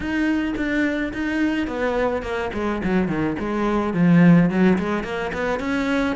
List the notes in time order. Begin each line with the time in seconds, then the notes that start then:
0.00 D#4
0.56 D4
1.13 D#4
1.67 B3
2.22 A#3
2.53 G#3
2.83 F#3
3.08 D#3
3.39 G#3
3.93 F3
4.49 F#3
4.78 G#3
5.03 A#3
5.33 B3
5.59 C#4